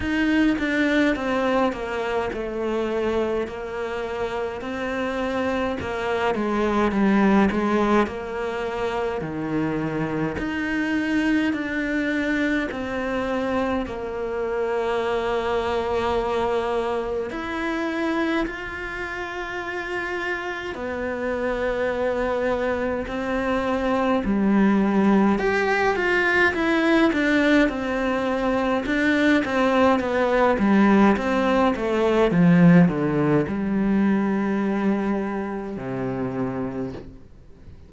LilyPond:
\new Staff \with { instrumentName = "cello" } { \time 4/4 \tempo 4 = 52 dis'8 d'8 c'8 ais8 a4 ais4 | c'4 ais8 gis8 g8 gis8 ais4 | dis4 dis'4 d'4 c'4 | ais2. e'4 |
f'2 b2 | c'4 g4 g'8 f'8 e'8 d'8 | c'4 d'8 c'8 b8 g8 c'8 a8 | f8 d8 g2 c4 | }